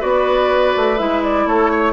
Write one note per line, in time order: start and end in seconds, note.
0.00 0.76 B3
0.00 0.97 F#4
0.00 1.45 B4
0.00 0.98 D5
0.77 1.00 A3
0.98 1.46 G#3
0.98 1.93 E4
0.98 1.23 E5
1.23 1.47 D5
1.46 1.93 A3
1.46 1.71 A4
1.46 1.93 C#5
1.71 1.93 C#5